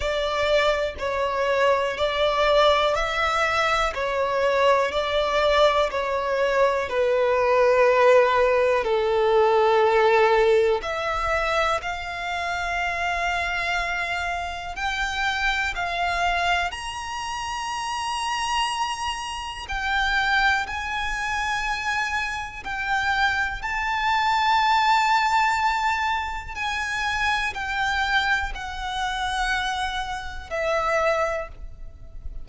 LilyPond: \new Staff \with { instrumentName = "violin" } { \time 4/4 \tempo 4 = 61 d''4 cis''4 d''4 e''4 | cis''4 d''4 cis''4 b'4~ | b'4 a'2 e''4 | f''2. g''4 |
f''4 ais''2. | g''4 gis''2 g''4 | a''2. gis''4 | g''4 fis''2 e''4 | }